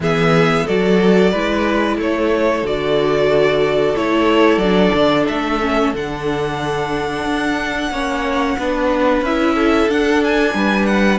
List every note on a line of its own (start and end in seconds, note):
0.00 0.64 E3
0.00 0.67 B3
0.00 0.65 G#4
0.00 0.67 E5
0.65 1.33 F#3
0.65 1.33 F#4
0.65 1.31 A4
0.65 1.99 D5
1.31 1.97 G#3
1.31 2.65 E4
1.31 1.97 B4
1.97 2.62 A3
1.97 7.91 A4
1.97 2.66 C#5
2.62 3.94 D3
2.62 3.95 F#4
2.62 3.95 D5
3.95 4.57 A3
3.95 4.61 E4
3.95 4.58 C#5
4.57 4.90 F#3
4.57 5.60 D4
4.57 5.24 D5
4.94 5.27 D3
5.27 5.93 A3
5.27 5.93 E5
5.60 5.93 C#4
5.93 7.24 D3
5.93 7.93 D4
5.93 9.24 F#5
7.24 7.90 D4
7.90 8.56 A#3
7.90 8.59 C#4
7.90 8.57 C#5
8.57 9.21 B3
8.57 9.25 D4
8.57 9.55 B4
9.21 9.87 C#4
9.21 9.89 E4
9.21 9.90 E5
9.55 10.53 A4
9.88 10.54 D4
9.88 11.19 D4
9.88 10.23 F#5
10.23 10.86 G#5
10.54 11.19 G3
10.54 11.19 B4
10.86 11.19 F#5